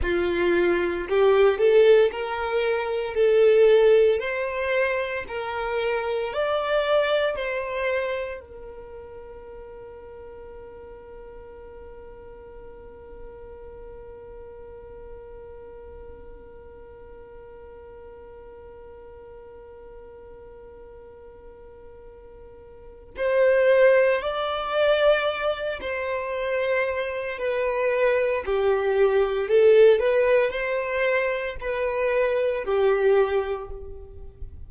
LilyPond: \new Staff \with { instrumentName = "violin" } { \time 4/4 \tempo 4 = 57 f'4 g'8 a'8 ais'4 a'4 | c''4 ais'4 d''4 c''4 | ais'1~ | ais'1~ |
ais'1~ | ais'2 c''4 d''4~ | d''8 c''4. b'4 g'4 | a'8 b'8 c''4 b'4 g'4 | }